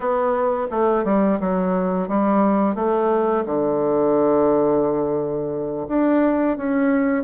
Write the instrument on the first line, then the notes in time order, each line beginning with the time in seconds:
bassoon
0.00 B3
0.71 A3
1.04 G3
1.39 F#3
2.08 G3
2.75 A3
3.45 D3
5.88 D4
6.57 C#4